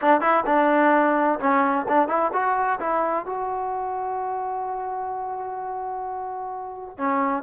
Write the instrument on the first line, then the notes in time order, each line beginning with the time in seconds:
trombone
0.01 D4
0.21 E4
0.46 D4
1.39 C#4
1.88 D4
2.08 E4
2.32 F#4
2.80 E4
3.25 F#4
6.97 C#4